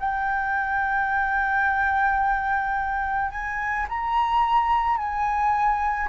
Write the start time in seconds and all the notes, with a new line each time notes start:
0.00 G5
3.31 G#5
3.89 A#5
4.98 G#5